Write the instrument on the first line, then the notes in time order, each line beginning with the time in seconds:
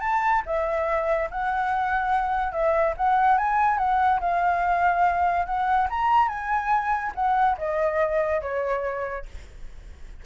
flute
0.00 A5
0.45 E5
1.30 F#5
2.52 E5
2.97 F#5
3.38 G#5
3.78 F#5
4.20 F5
5.46 F#5
5.90 A#5
6.28 G#5
7.15 F#5
7.58 D#5
8.41 C#5